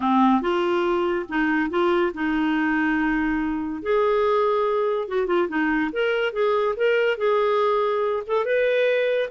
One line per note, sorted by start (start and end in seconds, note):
0.00 0.41 C4
0.41 1.26 F4
1.28 1.70 D#4
1.70 2.12 F4
2.14 3.82 D#4
3.82 5.08 G#4
5.08 5.27 F#4
5.27 5.48 F4
5.48 5.90 D#4
5.92 6.33 A#4
6.33 6.75 G#4
6.76 7.17 A#4
7.17 8.23 G#4
8.26 8.45 A4
8.45 9.29 B4